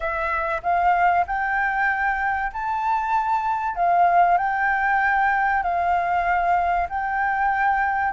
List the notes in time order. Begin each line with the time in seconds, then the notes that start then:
0.00 E5
0.62 F5
1.26 G5
2.52 A5
3.75 F5
4.37 G5
5.62 F5
6.89 G5